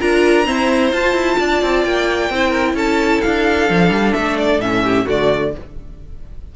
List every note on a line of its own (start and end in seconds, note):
0.00 0.48 D4
0.00 0.45 F4
0.00 0.46 A#4
0.00 0.94 A#5
0.45 0.91 C4
0.45 0.93 E4
0.45 1.38 C5
0.93 1.14 F4
0.93 2.32 F4
0.93 1.84 A5
1.14 1.37 E4
1.39 1.62 D4
1.39 2.31 D5
1.62 1.85 C4
1.84 2.30 A#3
1.84 2.76 G5
2.30 2.75 C4
2.30 3.69 E4
2.30 2.49 C5
2.49 2.72 A#4
2.75 3.21 C#4
2.75 4.83 A4
2.75 3.22 A5
3.22 3.70 D4
3.22 4.14 F5
3.69 3.90 F3
3.69 4.61 D4
3.90 4.13 G3
4.14 4.60 A3
4.14 4.37 E5
4.38 4.61 D5
4.60 5.06 A2
4.60 5.07 C#4
4.60 5.07 E5
4.85 5.06 G4
5.06 5.55 D3
5.06 5.53 A3
5.06 5.52 F#4
5.06 5.56 D5